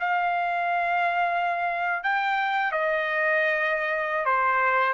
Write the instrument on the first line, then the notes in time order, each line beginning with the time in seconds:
trumpet
0.00 F5
2.04 G5
2.72 D#5
4.26 C5